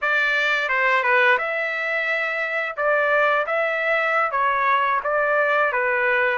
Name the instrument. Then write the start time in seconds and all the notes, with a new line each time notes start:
trumpet
0.01 D5
0.69 C5
1.03 B4
1.38 E5
2.76 D5
3.46 E5
4.31 C#5
5.03 D5
5.72 B4